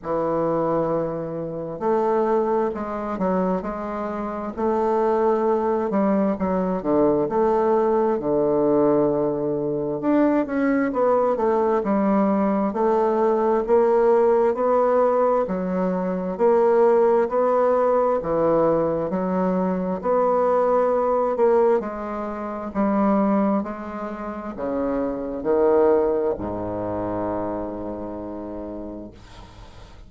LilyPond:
\new Staff \with { instrumentName = "bassoon" } { \time 4/4 \tempo 4 = 66 e2 a4 gis8 fis8 | gis4 a4. g8 fis8 d8 | a4 d2 d'8 cis'8 | b8 a8 g4 a4 ais4 |
b4 fis4 ais4 b4 | e4 fis4 b4. ais8 | gis4 g4 gis4 cis4 | dis4 gis,2. | }